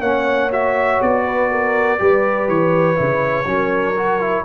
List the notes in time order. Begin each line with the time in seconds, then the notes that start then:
0.00 A#3 C#4 C#5 F#5
0.51 F#4 E5
1.02 B3 D5
1.25 B4
1.51 A#4
1.98 G3 G4 B4
2.48 E3 C#5
2.95 C#3 E4
3.45 F#3 C#4 A#4
3.97 F#4
4.20 E4